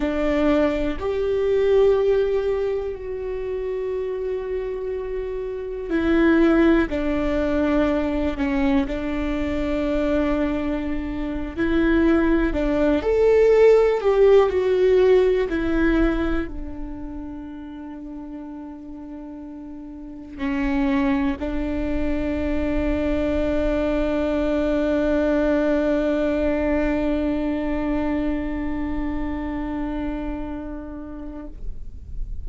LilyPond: \new Staff \with { instrumentName = "viola" } { \time 4/4 \tempo 4 = 61 d'4 g'2 fis'4~ | fis'2 e'4 d'4~ | d'8 cis'8 d'2~ d'8. e'16~ | e'8. d'8 a'4 g'8 fis'4 e'16~ |
e'8. d'2.~ d'16~ | d'8. cis'4 d'2~ d'16~ | d'1~ | d'1 | }